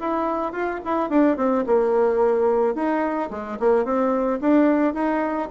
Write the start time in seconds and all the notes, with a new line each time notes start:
0.00 E4
0.53 F4
0.85 E4
1.10 D4
1.37 C4
1.67 A#3
2.75 D#4
3.31 G#3
3.60 A#3
3.85 C4
4.41 D4
4.94 D#4